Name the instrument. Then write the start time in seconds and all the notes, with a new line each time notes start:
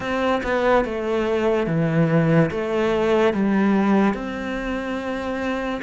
cello
0.00 C4
0.43 B3
0.84 A3
1.67 E3
2.50 A3
3.33 G3
4.14 C4